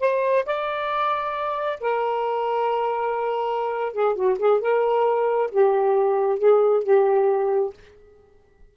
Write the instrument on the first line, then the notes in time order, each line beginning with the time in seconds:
saxophone
0.00 C5
0.45 D5
1.81 A#4
3.93 G#4
4.15 F#4
4.39 G#4
4.61 A#4
5.51 G4
6.39 G#4
6.84 G4